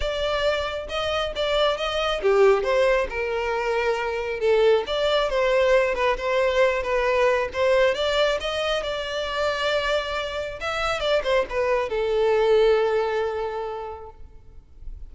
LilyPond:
\new Staff \with { instrumentName = "violin" } { \time 4/4 \tempo 4 = 136 d''2 dis''4 d''4 | dis''4 g'4 c''4 ais'4~ | ais'2 a'4 d''4 | c''4. b'8 c''4. b'8~ |
b'4 c''4 d''4 dis''4 | d''1 | e''4 d''8 c''8 b'4 a'4~ | a'1 | }